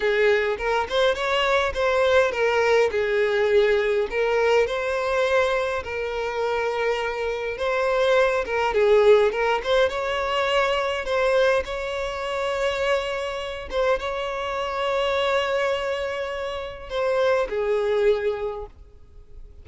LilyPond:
\new Staff \with { instrumentName = "violin" } { \time 4/4 \tempo 4 = 103 gis'4 ais'8 c''8 cis''4 c''4 | ais'4 gis'2 ais'4 | c''2 ais'2~ | ais'4 c''4. ais'8 gis'4 |
ais'8 c''8 cis''2 c''4 | cis''2.~ cis''8 c''8 | cis''1~ | cis''4 c''4 gis'2 | }